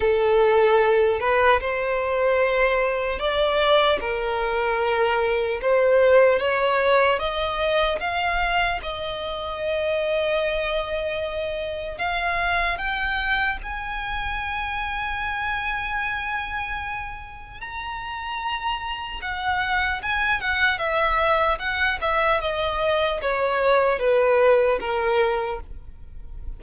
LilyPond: \new Staff \with { instrumentName = "violin" } { \time 4/4 \tempo 4 = 75 a'4. b'8 c''2 | d''4 ais'2 c''4 | cis''4 dis''4 f''4 dis''4~ | dis''2. f''4 |
g''4 gis''2.~ | gis''2 ais''2 | fis''4 gis''8 fis''8 e''4 fis''8 e''8 | dis''4 cis''4 b'4 ais'4 | }